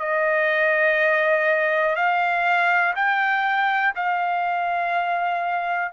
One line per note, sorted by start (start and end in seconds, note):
0.00 1.96 D#5
1.96 2.95 F5
2.96 3.94 G5
3.96 5.93 F5